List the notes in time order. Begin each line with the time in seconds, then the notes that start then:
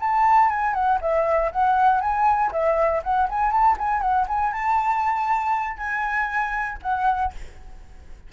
0.00 A5
0.50 G#5
0.74 F#5
1.01 E5
1.52 F#5
2.01 G#5
2.52 E5
3.03 F#5
3.29 G#5
3.52 A5
3.78 G#5
4.01 F#5
4.28 G#5
4.53 A5
5.77 G#5
6.82 F#5